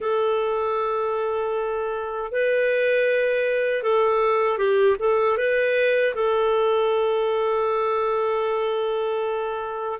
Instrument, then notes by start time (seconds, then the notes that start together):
clarinet
0.00 A4
2.31 B4
3.83 A4
4.58 G4
4.99 A4
5.37 B4
6.14 A4